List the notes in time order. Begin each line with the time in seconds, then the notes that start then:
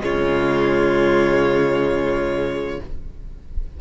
0.00 C#3 G#3 F4 C#5